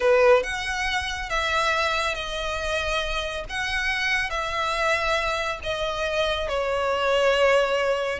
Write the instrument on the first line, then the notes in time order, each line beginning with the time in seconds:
violin
0.00 B4
0.43 F#5
1.29 E5
2.15 D#5
3.49 F#5
4.30 E5
5.63 D#5
6.48 C#5